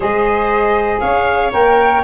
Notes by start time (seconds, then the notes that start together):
0.00 G#3 G#4 C5 D#5
0.99 C#4 C#5 F5
1.51 A#3 A#4 G5